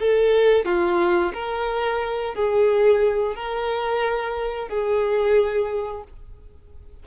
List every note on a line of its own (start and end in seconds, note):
0.00 0.66 A4
0.66 1.33 F4
1.34 2.35 A#4
2.35 3.36 G#4
3.36 4.69 A#4
4.69 6.04 G#4